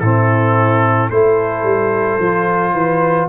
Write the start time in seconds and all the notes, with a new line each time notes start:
0.00 A2 C4 E4 A4
1.10 A3 E4 A4 C5
1.63 G3
2.19 F3 F4
2.73 E3 B4